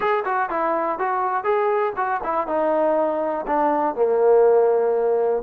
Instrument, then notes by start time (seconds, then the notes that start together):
trombone
0.00 G#4
0.25 F#4
0.49 E4
0.98 F#4
1.44 G#4
1.96 F#4
2.23 E4
2.47 D#4
3.46 D4
3.95 A#3